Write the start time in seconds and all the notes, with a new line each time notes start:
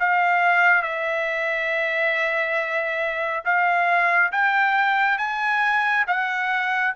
0.00 F5
0.83 E5
3.45 F5
4.32 G5
5.18 G#5
6.07 F#5